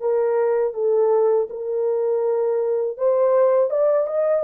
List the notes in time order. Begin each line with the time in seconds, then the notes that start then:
0.00 A#4
0.74 A4
1.50 A#4
2.97 C5
3.70 D5
4.07 D#5